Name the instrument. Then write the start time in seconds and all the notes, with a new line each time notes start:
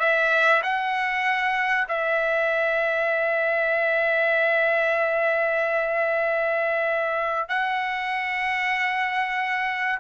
trumpet
0.00 E5
0.63 F#5
1.89 E5
7.49 F#5